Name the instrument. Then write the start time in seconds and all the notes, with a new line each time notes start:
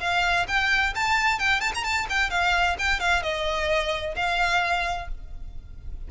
violin
0.00 F5
0.47 G5
0.95 A5
1.39 G5
1.60 A5
1.75 A#5
1.83 A5
2.09 G5
2.30 F5
2.78 G5
3.00 F5
3.22 D#5
4.16 F5